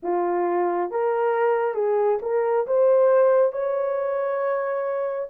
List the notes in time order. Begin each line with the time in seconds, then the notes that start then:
0.02 F4
0.90 A#4
1.74 G#4
2.22 A#4
2.67 C5
3.52 C#5